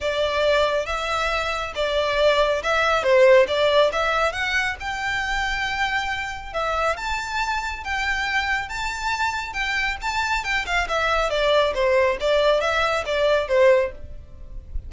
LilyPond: \new Staff \with { instrumentName = "violin" } { \time 4/4 \tempo 4 = 138 d''2 e''2 | d''2 e''4 c''4 | d''4 e''4 fis''4 g''4~ | g''2. e''4 |
a''2 g''2 | a''2 g''4 a''4 | g''8 f''8 e''4 d''4 c''4 | d''4 e''4 d''4 c''4 | }